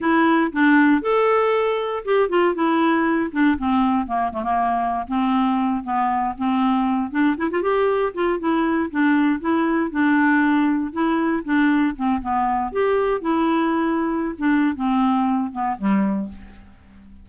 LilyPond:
\new Staff \with { instrumentName = "clarinet" } { \time 4/4 \tempo 4 = 118 e'4 d'4 a'2 | g'8 f'8 e'4. d'8 c'4 | ais8 a16 ais4~ ais16 c'4. b8~ | b8 c'4. d'8 e'16 f'16 g'4 |
f'8 e'4 d'4 e'4 d'8~ | d'4. e'4 d'4 c'8 | b4 g'4 e'2~ | e'16 d'8. c'4. b8 g4 | }